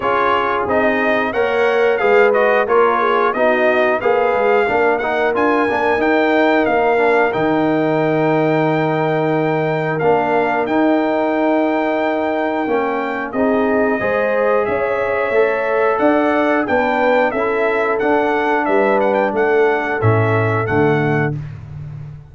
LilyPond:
<<
  \new Staff \with { instrumentName = "trumpet" } { \time 4/4 \tempo 4 = 90 cis''4 dis''4 fis''4 f''8 dis''8 | cis''4 dis''4 f''4. fis''8 | gis''4 g''4 f''4 g''4~ | g''2. f''4 |
g''1 | dis''2 e''2 | fis''4 g''4 e''4 fis''4 | e''8 fis''16 g''16 fis''4 e''4 fis''4 | }
  \new Staff \with { instrumentName = "horn" } { \time 4/4 gis'2 cis''4 b'4 | ais'8 gis'8 fis'4 b'4 ais'4~ | ais'1~ | ais'1~ |
ais'1 | gis'4 c''4 cis''2 | d''4 b'4 a'2 | b'4 a'2. | }
  \new Staff \with { instrumentName = "trombone" } { \time 4/4 f'4 dis'4 ais'4 gis'8 fis'8 | f'4 dis'4 gis'4 d'8 dis'8 | f'8 d'8 dis'4. d'8 dis'4~ | dis'2. d'4 |
dis'2. cis'4 | dis'4 gis'2 a'4~ | a'4 d'4 e'4 d'4~ | d'2 cis'4 a4 | }
  \new Staff \with { instrumentName = "tuba" } { \time 4/4 cis'4 c'4 ais4 gis4 | ais4 b4 ais8 gis8 ais4 | d'8 ais8 dis'4 ais4 dis4~ | dis2. ais4 |
dis'2. ais4 | c'4 gis4 cis'4 a4 | d'4 b4 cis'4 d'4 | g4 a4 a,4 d4 | }
>>